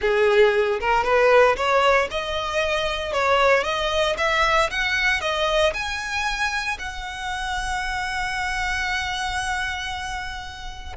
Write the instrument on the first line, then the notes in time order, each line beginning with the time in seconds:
violin
0.01 G#4
0.80 A#4
1.04 B4
1.56 C#5
2.10 D#5
3.12 C#5
3.63 D#5
4.17 E5
4.70 F#5
5.21 D#5
5.73 G#5
6.78 F#5